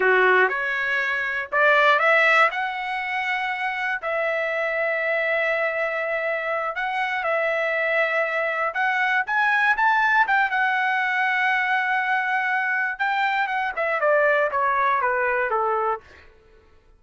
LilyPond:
\new Staff \with { instrumentName = "trumpet" } { \time 4/4 \tempo 4 = 120 fis'4 cis''2 d''4 | e''4 fis''2. | e''1~ | e''4. fis''4 e''4.~ |
e''4. fis''4 gis''4 a''8~ | a''8 g''8 fis''2.~ | fis''2 g''4 fis''8 e''8 | d''4 cis''4 b'4 a'4 | }